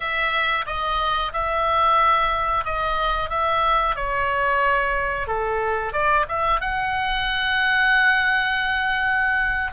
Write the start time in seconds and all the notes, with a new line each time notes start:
0.00 E5
0.66 D#5
1.32 E5
2.64 D#5
3.29 E5
3.95 C#5
5.27 A4
5.92 D5
6.28 E5
6.60 F#5